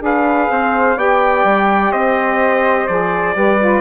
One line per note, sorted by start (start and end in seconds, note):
0.00 0.48 D4
0.00 0.96 G#4
0.00 0.51 B4
0.00 0.98 F5
0.50 0.96 C4
0.50 0.96 C5
0.96 1.44 B3
0.96 2.87 G4
0.96 1.91 D5
0.96 1.92 G5
1.44 1.91 G3
1.91 2.87 C4
1.91 3.34 C5
1.91 2.87 D#5
2.87 3.36 F3
2.87 3.34 G#4
2.87 3.80 D5
3.34 3.80 G3
3.34 3.58 G4
3.34 3.80 B4
3.60 3.80 F4